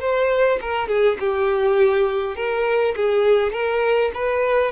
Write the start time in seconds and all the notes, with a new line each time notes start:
0.00 C5
0.61 A#4
0.88 G#4
1.20 G4
2.36 A#4
2.96 G#4
3.52 A#4
4.14 B4